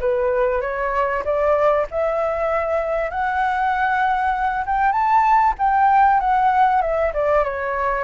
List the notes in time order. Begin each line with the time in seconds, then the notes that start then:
0.00 B4
0.61 C#5
1.24 D5
1.90 E5
3.10 F#5
4.66 G5
4.92 A5
5.58 G5
6.19 F#5
6.81 E5
7.13 D5
7.44 C#5